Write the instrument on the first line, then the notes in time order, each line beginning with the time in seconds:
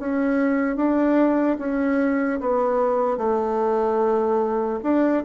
bassoon
0.00 C#4
0.76 D4
1.59 C#4
2.41 B3
3.18 A3
4.84 D4